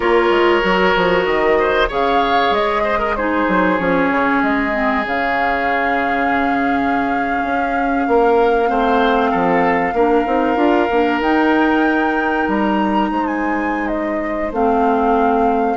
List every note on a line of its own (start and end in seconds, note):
0.00 0.30 A#3
0.00 0.61 F4
0.00 1.58 A#4
0.00 1.25 C#5
0.30 0.61 G#3
0.61 0.95 F#3
0.61 1.87 F#4
0.95 1.25 F3
1.25 1.88 D#3
1.25 1.88 D#5
1.59 1.88 C5
1.88 2.50 C#3
1.88 3.16 G#4
1.88 2.83 C#5
1.88 2.53 F5
2.50 3.45 G#3
2.50 3.16 D#5
2.83 2.98 C5
2.98 3.14 A#4
3.16 3.78 D#4
3.16 8.07 G#4
3.16 3.78 C5
3.48 3.79 F#3
3.78 4.10 F3
3.78 4.71 C#4
3.78 4.41 C#5
4.10 4.42 C#3
4.42 5.05 G#3
4.42 5.05 D#5
4.71 5.03 C4
5.05 7.42 C#3
5.05 8.66 C#4
5.05 11.22 F5
7.43 8.06 C#4
8.07 8.69 A#3
8.07 8.69 A#4
8.66 9.33 A3
8.66 9.93 C4
8.66 9.30 C5
9.30 9.93 F3
9.30 9.93 A4
9.93 10.24 A#3
9.93 10.25 D4
9.93 13.10 A#4
10.25 10.56 C4
10.25 10.56 D#4
10.56 10.87 D4
10.56 10.87 F4
10.90 11.20 A#3
10.90 11.22 D4
11.20 12.46 D#4
11.20 14.52 D#4
11.20 12.48 G5
12.47 13.10 G3
12.47 13.27 A#5
13.10 14.51 G#3
13.10 15.77 C5
13.27 13.87 G#5
13.87 14.50 D#5
14.51 15.77 A3
14.51 15.77 C4
14.51 15.77 F5